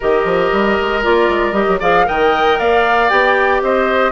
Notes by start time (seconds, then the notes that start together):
0.00 D#3 G4 A#4 D#5
0.25 F3
0.51 G3
0.81 G#3
1.02 A#3 F4 D5
1.28 G#3
1.51 G3 G4 D#5
1.68 F#3
1.79 F3 G#4 D5 F5
2.05 D#3 A#4 D#5 G5
2.59 A#3 D5 F5
3.09 B3 G4 G5
3.61 C4 C5 D#5